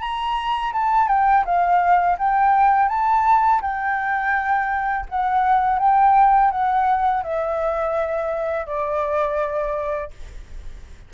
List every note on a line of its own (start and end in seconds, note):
0.00 0.72 A#5
0.73 1.08 A5
1.08 1.44 G5
1.45 2.17 F5
2.18 2.88 G5
2.88 3.61 A5
3.61 5.06 G5
5.09 5.79 F#5
5.79 6.51 G5
6.51 7.23 F#5
7.23 8.66 E5
8.66 10.11 D5